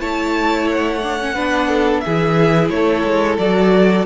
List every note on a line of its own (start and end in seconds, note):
0.00 1.35 A3
0.00 1.02 E4
0.00 1.35 C#5
0.00 0.68 A5
0.72 2.01 F#5
1.03 1.20 D4
1.21 1.36 C#4
1.35 2.06 B3
1.35 2.04 D4
1.35 1.69 B4
1.69 2.02 A4
2.01 3.41 E4
2.01 2.72 G#4
2.01 2.68 E5
2.07 2.70 E3
2.70 3.04 A3
2.70 4.06 A4
2.70 3.38 C#5
3.05 3.38 G#3
3.38 4.06 F#3
3.38 4.06 F#4
3.38 4.06 D5